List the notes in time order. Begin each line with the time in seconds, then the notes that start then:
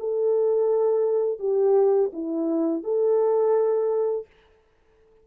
0.00 A4
1.40 G4
2.13 E4
2.84 A4